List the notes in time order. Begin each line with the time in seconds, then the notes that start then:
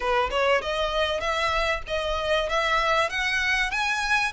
0.00 B4
0.30 C#5
0.61 D#5
1.20 E5
1.87 D#5
2.49 E5
3.09 F#5
3.70 G#5